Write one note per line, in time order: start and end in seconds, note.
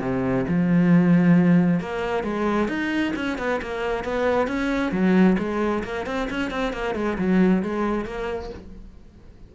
0.00 0.45 C3
0.48 1.80 F3
1.80 2.23 A#3
2.23 2.68 G#3
2.68 3.13 D#4
3.16 3.38 C#4
3.38 3.60 B3
3.61 4.04 A#3
4.04 4.47 B3
4.47 4.92 C#4
4.92 5.36 F#3
5.38 5.83 G#3
5.84 6.06 A#3
6.06 6.28 C4
6.30 6.50 C#4
6.50 6.73 C4
6.73 6.95 A#3
6.95 7.17 G#3
7.18 7.62 F#3
7.62 8.05 G#3
8.05 8.50 A#3